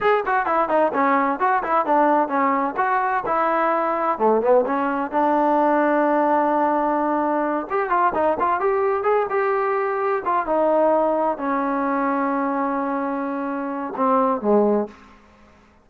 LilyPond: \new Staff \with { instrumentName = "trombone" } { \time 4/4 \tempo 4 = 129 gis'8 fis'8 e'8 dis'8 cis'4 fis'8 e'8 | d'4 cis'4 fis'4 e'4~ | e'4 a8 b8 cis'4 d'4~ | d'1~ |
d'8 g'8 f'8 dis'8 f'8 g'4 gis'8 | g'2 f'8 dis'4.~ | dis'8 cis'2.~ cis'8~ | cis'2 c'4 gis4 | }